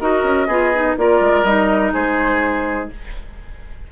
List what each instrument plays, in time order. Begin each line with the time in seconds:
0.00 bassoon D#4, clarinet F#4, oboe A#4, flute D#5
0.23 bassoon C#4
0.47 bassoon B3, clarinet F4, oboe G#4
0.74 clarinet D#4
0.97 bassoon A#3, clarinet F4, oboe A#4, flute D5
1.20 bassoon G#3
1.43 bassoon G3, clarinet D#4, flute D#5
1.93 bassoon G#3, oboe G#4, flute C5